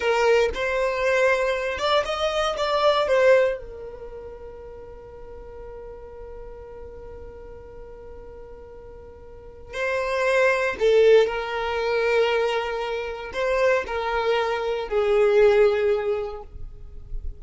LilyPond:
\new Staff \with { instrumentName = "violin" } { \time 4/4 \tempo 4 = 117 ais'4 c''2~ c''8 d''8 | dis''4 d''4 c''4 ais'4~ | ais'1~ | ais'1~ |
ais'2. c''4~ | c''4 a'4 ais'2~ | ais'2 c''4 ais'4~ | ais'4 gis'2. | }